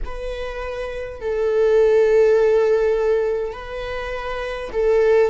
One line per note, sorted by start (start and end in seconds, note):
0.04 1.21 B4
1.21 3.52 A4
3.52 4.70 B4
4.72 5.30 A4